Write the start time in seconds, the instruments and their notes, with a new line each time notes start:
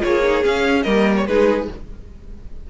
0.00 cello A#3, viola F4, violin G#4 C#5
0.23 viola D#4
0.42 viola C#4, cello C#4, violin F5
0.82 cello G3, viola A#3, violin A#4 D#5
1.16 violin C#5
1.26 cello G#3, viola D#4, violin G#4 B4